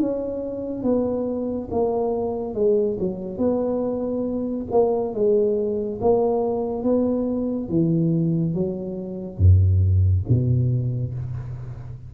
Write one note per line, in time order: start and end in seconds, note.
0.00 0.83 C#4
0.83 1.69 B3
1.71 2.55 A#3
2.55 2.98 G#3
3.00 3.38 F#3
3.38 4.67 B3
4.71 5.14 A#3
5.14 6.00 G#3
6.02 6.84 A#3
6.84 7.69 B3
7.69 8.55 E3
8.55 9.38 F#3
9.38 10.24 F#2
10.29 11.15 B2